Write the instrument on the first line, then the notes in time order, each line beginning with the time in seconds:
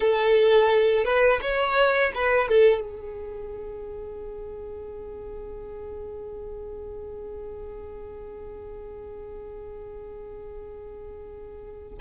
violin
0.00 A4
1.04 B4
1.41 C#5
2.14 B4
2.48 A4
2.80 G#4